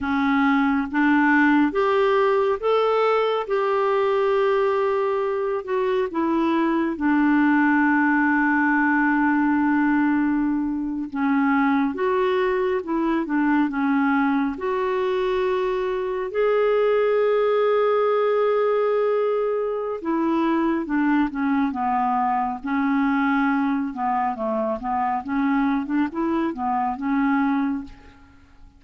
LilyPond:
\new Staff \with { instrumentName = "clarinet" } { \time 4/4 \tempo 4 = 69 cis'4 d'4 g'4 a'4 | g'2~ g'8 fis'8 e'4 | d'1~ | d'8. cis'4 fis'4 e'8 d'8 cis'16~ |
cis'8. fis'2 gis'4~ gis'16~ | gis'2. e'4 | d'8 cis'8 b4 cis'4. b8 | a8 b8 cis'8. d'16 e'8 b8 cis'4 | }